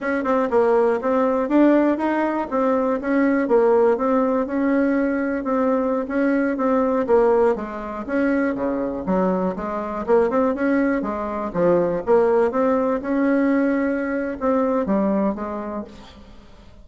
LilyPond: \new Staff \with { instrumentName = "bassoon" } { \time 4/4 \tempo 4 = 121 cis'8 c'8 ais4 c'4 d'4 | dis'4 c'4 cis'4 ais4 | c'4 cis'2 c'4~ | c'16 cis'4 c'4 ais4 gis8.~ |
gis16 cis'4 cis4 fis4 gis8.~ | gis16 ais8 c'8 cis'4 gis4 f8.~ | f16 ais4 c'4 cis'4.~ cis'16~ | cis'4 c'4 g4 gis4 | }